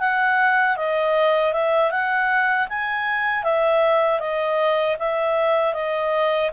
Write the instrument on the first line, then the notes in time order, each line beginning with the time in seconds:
clarinet
0.00 F#5
0.77 D#5
1.53 E5
1.91 F#5
2.69 G#5
3.44 E5
4.20 D#5
4.99 E5
5.74 D#5